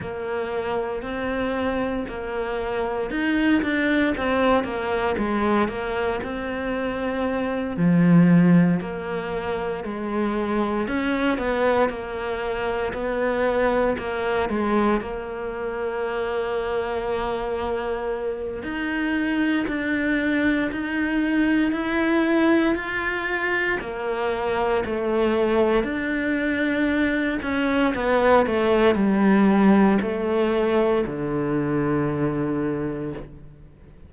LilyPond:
\new Staff \with { instrumentName = "cello" } { \time 4/4 \tempo 4 = 58 ais4 c'4 ais4 dis'8 d'8 | c'8 ais8 gis8 ais8 c'4. f8~ | f8 ais4 gis4 cis'8 b8 ais8~ | ais8 b4 ais8 gis8 ais4.~ |
ais2 dis'4 d'4 | dis'4 e'4 f'4 ais4 | a4 d'4. cis'8 b8 a8 | g4 a4 d2 | }